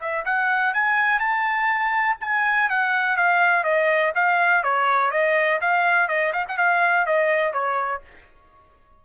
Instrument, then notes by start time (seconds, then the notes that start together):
trumpet
0.00 E5
0.25 F#5
0.74 G#5
1.19 A5
2.20 G#5
2.69 F#5
3.16 F5
3.64 D#5
4.15 F5
4.63 C#5
5.11 D#5
5.61 F5
6.08 D#5
6.33 F5
6.48 F#5
6.57 F5
7.06 D#5
7.53 C#5